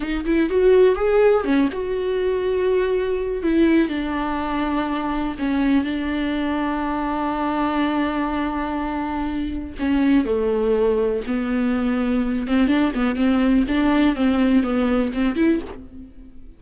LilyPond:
\new Staff \with { instrumentName = "viola" } { \time 4/4 \tempo 4 = 123 dis'8 e'8 fis'4 gis'4 cis'8 fis'8~ | fis'2. e'4 | d'2. cis'4 | d'1~ |
d'1 | cis'4 a2 b4~ | b4. c'8 d'8 b8 c'4 | d'4 c'4 b4 c'8 e'8 | }